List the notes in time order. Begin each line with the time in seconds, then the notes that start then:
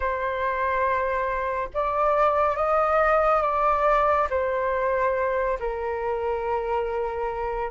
0.00 C5
1.74 D5
2.56 D#5
3.42 D5
4.29 C5
5.59 A#4